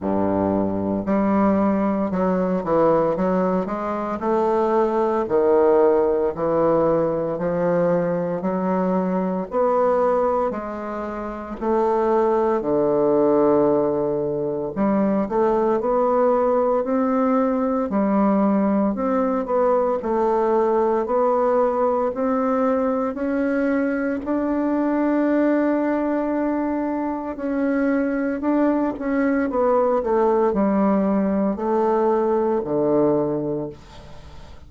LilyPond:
\new Staff \with { instrumentName = "bassoon" } { \time 4/4 \tempo 4 = 57 g,4 g4 fis8 e8 fis8 gis8 | a4 dis4 e4 f4 | fis4 b4 gis4 a4 | d2 g8 a8 b4 |
c'4 g4 c'8 b8 a4 | b4 c'4 cis'4 d'4~ | d'2 cis'4 d'8 cis'8 | b8 a8 g4 a4 d4 | }